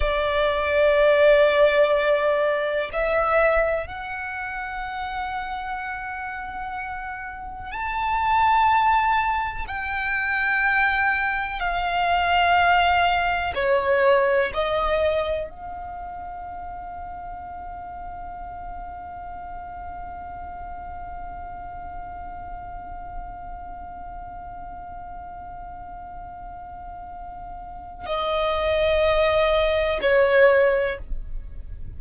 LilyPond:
\new Staff \with { instrumentName = "violin" } { \time 4/4 \tempo 4 = 62 d''2. e''4 | fis''1 | a''2 g''2 | f''2 cis''4 dis''4 |
f''1~ | f''1~ | f''1~ | f''4 dis''2 cis''4 | }